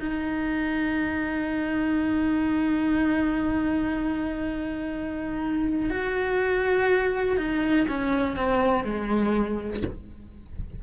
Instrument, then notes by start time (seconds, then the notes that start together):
cello
0.00 D#4
5.90 F#4
7.37 D#4
7.89 C#4
8.37 C4
8.85 G#3